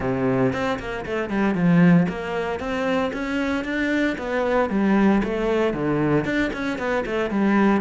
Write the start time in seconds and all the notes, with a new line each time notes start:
0.00 C3
0.52 C4
0.79 A#3
1.05 A3
1.29 G3
1.54 F3
2.09 A#3
2.59 C4
3.13 C#4
3.64 D4
4.18 B3
4.69 G3
5.23 A3
5.73 D3
6.24 D4
6.53 C#4
6.78 B3
7.06 A3
7.30 G3